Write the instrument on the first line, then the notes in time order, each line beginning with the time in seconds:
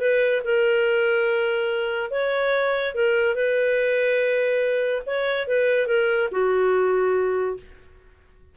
clarinet
0.00 B4
0.44 A#4
2.10 C#5
2.94 A#4
3.35 B4
5.06 C#5
5.47 B4
5.87 A#4
6.31 F#4